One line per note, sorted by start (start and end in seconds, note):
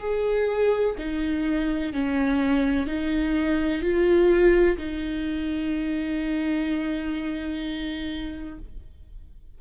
0.00 0.95 G#4
0.98 1.93 D#4
1.93 2.87 C#4
2.87 3.81 D#4
3.81 4.77 F4
4.77 8.58 D#4